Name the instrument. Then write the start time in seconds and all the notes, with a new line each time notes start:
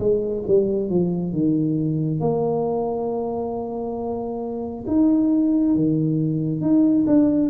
tuba
0.00 G#3
0.48 G3
0.90 F3
1.33 D#3
2.21 A#3
4.88 D#4
5.76 D#3
6.61 D#4
7.07 D4